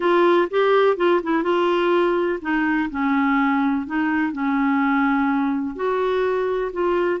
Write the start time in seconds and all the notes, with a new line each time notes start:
0.00 F4
0.50 G4
0.96 F4
1.23 E4
1.43 F4
2.41 D#4
2.90 C#4
3.86 D#4
4.32 C#4
5.75 F#4
6.72 F4